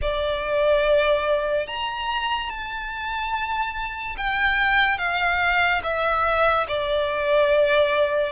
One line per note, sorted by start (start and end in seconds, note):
0.01 1.67 D5
1.67 2.49 A#5
2.49 4.16 A5
4.17 4.98 G5
4.98 5.81 F5
5.83 6.66 E5
6.67 8.32 D5